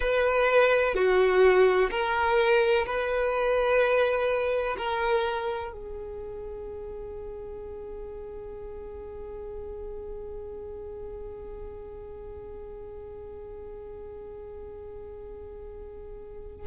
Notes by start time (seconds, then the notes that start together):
0.00 B4
0.94 F#4
1.90 A#4
2.86 B4
4.77 A#4
5.72 G#4